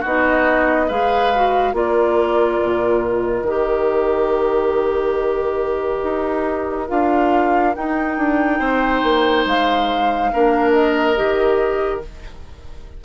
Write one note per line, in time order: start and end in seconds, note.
0.00 0.90 B3
0.00 0.90 D#4
0.00 0.86 F#4
0.00 0.89 D#5
0.88 1.73 G#3
0.88 1.32 G#4
0.88 1.73 B4
0.88 1.75 F5
1.35 1.74 F#4
1.73 2.59 A#3
1.73 3.45 F4
1.73 8.59 A#4
1.73 3.04 D5
2.62 3.42 A#2
3.04 6.89 D#5
3.42 6.00 D#3
3.42 6.88 G4
6.04 6.89 D#4
6.88 7.76 D4
6.88 7.74 F4
6.88 7.75 F5
7.74 10.32 D#4
7.74 8.17 D#4
7.74 9.47 G5
8.17 8.59 D4
8.59 9.02 C4
8.59 10.31 C5
9.03 9.46 A#3
9.46 10.31 G#3
9.46 10.71 F5
10.33 11.18 A#3
10.33 11.16 D4
10.33 12.04 A#4
10.71 12.00 D#5
11.16 12.04 D#3
11.16 12.01 G4